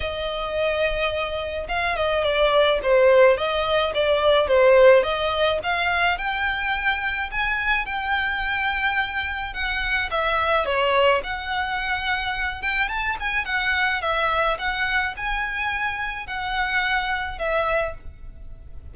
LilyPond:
\new Staff \with { instrumentName = "violin" } { \time 4/4 \tempo 4 = 107 dis''2. f''8 dis''8 | d''4 c''4 dis''4 d''4 | c''4 dis''4 f''4 g''4~ | g''4 gis''4 g''2~ |
g''4 fis''4 e''4 cis''4 | fis''2~ fis''8 g''8 a''8 gis''8 | fis''4 e''4 fis''4 gis''4~ | gis''4 fis''2 e''4 | }